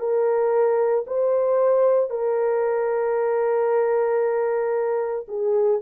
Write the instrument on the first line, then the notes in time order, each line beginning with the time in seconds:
horn
0.00 A#4
1.07 C5
2.11 A#4
5.28 G#4